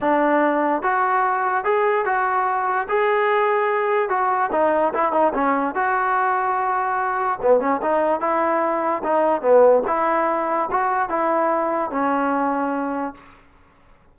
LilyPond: \new Staff \with { instrumentName = "trombone" } { \time 4/4 \tempo 4 = 146 d'2 fis'2 | gis'4 fis'2 gis'4~ | gis'2 fis'4 dis'4 | e'8 dis'8 cis'4 fis'2~ |
fis'2 b8 cis'8 dis'4 | e'2 dis'4 b4 | e'2 fis'4 e'4~ | e'4 cis'2. | }